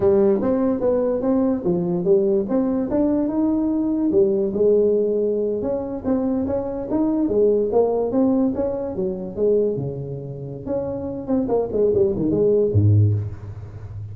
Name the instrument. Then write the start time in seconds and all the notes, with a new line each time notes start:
tuba
0.00 G3
0.41 C4
0.80 B3
1.21 C4
1.64 F3
2.04 G3
2.48 C4
2.90 D4
3.28 D#4
4.11 G3
4.53 G#3
5.62 C#4
6.04 C4
6.47 C#4
6.90 D#4
7.28 G#3
7.71 A#3
8.11 C4
8.54 C#4
8.95 F#3
9.36 G#3
9.76 C#3
10.66 C#4
11.27 C4
11.48 A#3
11.72 G#3
11.94 G3
12.16 D#3
12.30 G#3
12.72 G#2